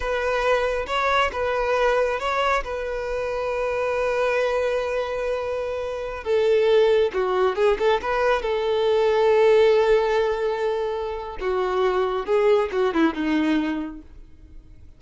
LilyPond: \new Staff \with { instrumentName = "violin" } { \time 4/4 \tempo 4 = 137 b'2 cis''4 b'4~ | b'4 cis''4 b'2~ | b'1~ | b'2~ b'16 a'4.~ a'16~ |
a'16 fis'4 gis'8 a'8 b'4 a'8.~ | a'1~ | a'2 fis'2 | gis'4 fis'8 e'8 dis'2 | }